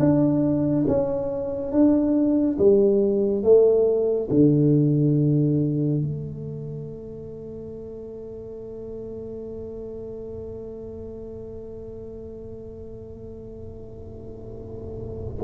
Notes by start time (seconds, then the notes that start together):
0.00 D4
0.88 C#4
1.72 D4
2.59 G3
3.43 A3
4.31 D3
6.02 A3